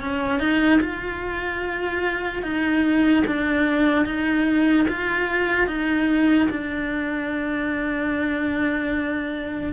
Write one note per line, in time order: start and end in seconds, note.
0.00 0.39 C#4
0.39 0.80 D#4
0.80 2.42 F4
2.42 3.23 D#4
3.27 4.05 D4
4.05 4.86 D#4
4.88 5.67 F4
5.67 6.48 D#4
6.50 9.73 D4